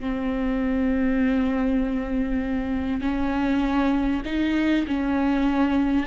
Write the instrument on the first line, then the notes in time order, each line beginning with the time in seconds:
viola
0.00 C4
3.01 C#4
4.25 D#4
4.87 C#4